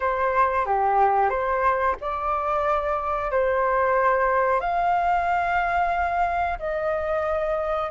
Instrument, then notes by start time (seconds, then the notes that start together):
flute
0.00 C5
0.65 G4
1.29 C5
2.00 D5
3.31 C5
4.60 F5
6.58 D#5